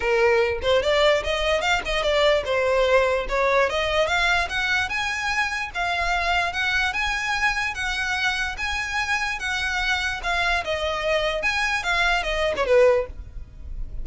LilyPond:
\new Staff \with { instrumentName = "violin" } { \time 4/4 \tempo 4 = 147 ais'4. c''8 d''4 dis''4 | f''8 dis''8 d''4 c''2 | cis''4 dis''4 f''4 fis''4 | gis''2 f''2 |
fis''4 gis''2 fis''4~ | fis''4 gis''2 fis''4~ | fis''4 f''4 dis''2 | gis''4 f''4 dis''8. cis''16 b'4 | }